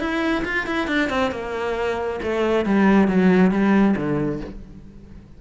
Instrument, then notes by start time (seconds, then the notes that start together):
cello
0.00 E4
0.45 F4
0.67 E4
0.88 D4
1.09 C4
1.32 A#3
2.23 A3
2.66 G3
3.08 F#3
3.51 G3
3.96 D3